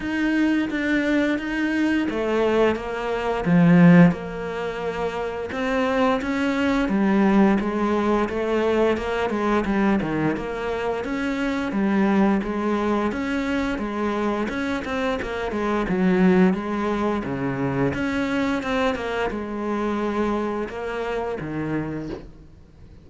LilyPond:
\new Staff \with { instrumentName = "cello" } { \time 4/4 \tempo 4 = 87 dis'4 d'4 dis'4 a4 | ais4 f4 ais2 | c'4 cis'4 g4 gis4 | a4 ais8 gis8 g8 dis8 ais4 |
cis'4 g4 gis4 cis'4 | gis4 cis'8 c'8 ais8 gis8 fis4 | gis4 cis4 cis'4 c'8 ais8 | gis2 ais4 dis4 | }